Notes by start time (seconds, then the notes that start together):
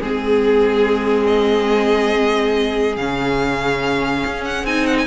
0.00 G#3 C4 G#4
1.27 D#5
2.96 C#3 C#4 F5
4.25 C#4
4.45 F#5
4.64 C4 D#4 G#5
4.86 F#5
4.98 G#5